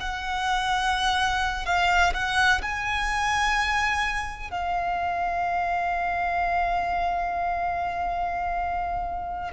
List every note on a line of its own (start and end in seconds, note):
0.00 1.65 F#5
1.65 2.13 F5
2.13 2.61 F#5
2.62 4.51 G#5
4.51 9.51 F5